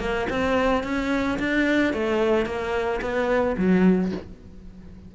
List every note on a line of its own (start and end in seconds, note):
0.00 0.27 A#3
0.30 0.84 C4
0.84 1.38 C#4
1.39 1.93 D4
1.93 2.46 A3
2.46 3.01 A#3
3.02 3.56 B3
3.58 4.12 F#3